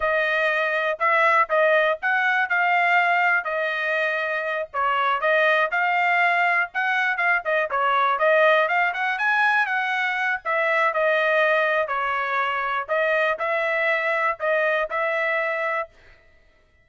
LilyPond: \new Staff \with { instrumentName = "trumpet" } { \time 4/4 \tempo 4 = 121 dis''2 e''4 dis''4 | fis''4 f''2 dis''4~ | dis''4. cis''4 dis''4 f''8~ | f''4. fis''4 f''8 dis''8 cis''8~ |
cis''8 dis''4 f''8 fis''8 gis''4 fis''8~ | fis''4 e''4 dis''2 | cis''2 dis''4 e''4~ | e''4 dis''4 e''2 | }